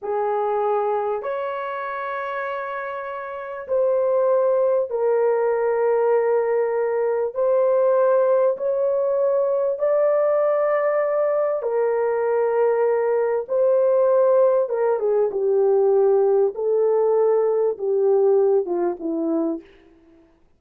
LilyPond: \new Staff \with { instrumentName = "horn" } { \time 4/4 \tempo 4 = 98 gis'2 cis''2~ | cis''2 c''2 | ais'1 | c''2 cis''2 |
d''2. ais'4~ | ais'2 c''2 | ais'8 gis'8 g'2 a'4~ | a'4 g'4. f'8 e'4 | }